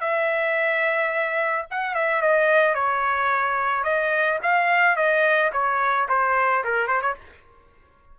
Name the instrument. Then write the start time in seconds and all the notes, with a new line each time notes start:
trumpet
0.00 E5
1.70 F#5
1.94 E5
2.22 D#5
2.74 C#5
3.84 D#5
4.42 F5
4.96 D#5
5.53 C#5
6.09 C5
6.64 A#4
6.88 C5
7.01 C#5